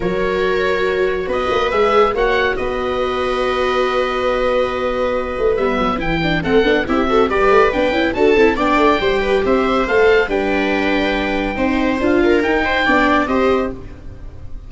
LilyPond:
<<
  \new Staff \with { instrumentName = "oboe" } { \time 4/4 \tempo 4 = 140 cis''2. dis''4 | e''4 fis''4 dis''2~ | dis''1~ | dis''4 e''4 g''4 fis''4 |
e''4 d''4 g''4 a''4 | g''2 e''4 f''4 | g''1 | f''4 g''2 dis''4 | }
  \new Staff \with { instrumentName = "viola" } { \time 4/4 ais'2. b'4~ | b'4 cis''4 b'2~ | b'1~ | b'2. a'4 |
g'8 a'8 b'2 a'4 | d''4 c''8 b'8 c''2 | b'2. c''4~ | c''8 ais'4 c''8 d''4 c''4 | }
  \new Staff \with { instrumentName = "viola" } { \time 4/4 fis'1 | gis'4 fis'2.~ | fis'1~ | fis'4 b4 e'8 d'8 c'8 d'8 |
e'8 fis'8 g'4 d'8 e'8 fis'8 e'8 | d'4 g'2 a'4 | d'2. dis'4 | f'4 dis'4 d'4 g'4 | }
  \new Staff \with { instrumentName = "tuba" } { \time 4/4 fis2. b8 ais8 | gis4 ais4 b2~ | b1~ | b8 a8 g8 fis8 e4 a8 b8 |
c'4 g8 a8 b8 cis'8 d'8 c'8 | b8 a8 g4 c'4 a4 | g2. c'4 | d'4 dis'4 b4 c'4 | }
>>